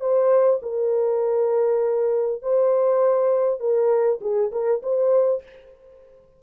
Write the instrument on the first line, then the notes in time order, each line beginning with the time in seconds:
horn
0.00 C5
0.62 A#4
2.42 C5
3.59 A#4
4.21 G#4
4.52 A#4
4.82 C5